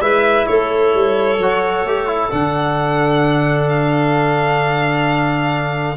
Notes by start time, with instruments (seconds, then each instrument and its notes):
0.00 tuba G#3, trombone E4, clarinet B4, violin E5
0.47 tuba A3, clarinet A4, violin C#5
0.94 tuba G3
1.39 tuba F#3, trombone F#4
1.84 tuba A3, trombone G4
2.07 trombone E4
2.30 tuba D3, trombone D4, violin F#5
3.69 violin F5